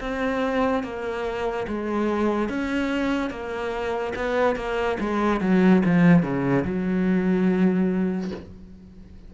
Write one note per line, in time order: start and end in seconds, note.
0.00 0.83 C4
0.83 1.66 A#3
1.67 2.48 G#3
2.48 3.30 C#4
3.30 4.13 A#3
4.15 4.56 B3
4.56 4.97 A#3
5.00 5.41 G#3
5.41 5.82 F#3
5.85 6.22 F3
6.22 6.64 C#3
6.64 8.31 F#3